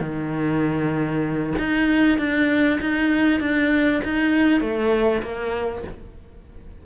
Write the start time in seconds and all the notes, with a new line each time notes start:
0.00 D#3
1.58 D#4
2.18 D4
2.81 D#4
3.40 D4
4.04 D#4
4.61 A3
5.22 A#3